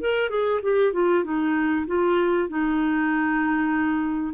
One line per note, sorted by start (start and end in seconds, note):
0.00 0.29 A#4
0.29 0.60 G#4
0.62 0.93 G4
0.93 1.23 F4
1.24 1.86 D#4
1.87 2.48 F4
2.48 4.33 D#4